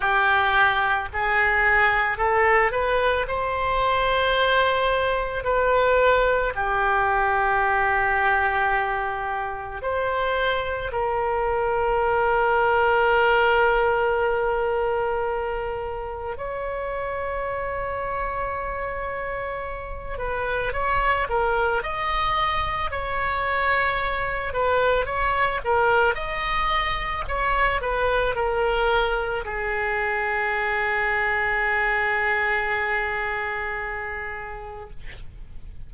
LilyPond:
\new Staff \with { instrumentName = "oboe" } { \time 4/4 \tempo 4 = 55 g'4 gis'4 a'8 b'8 c''4~ | c''4 b'4 g'2~ | g'4 c''4 ais'2~ | ais'2. cis''4~ |
cis''2~ cis''8 b'8 cis''8 ais'8 | dis''4 cis''4. b'8 cis''8 ais'8 | dis''4 cis''8 b'8 ais'4 gis'4~ | gis'1 | }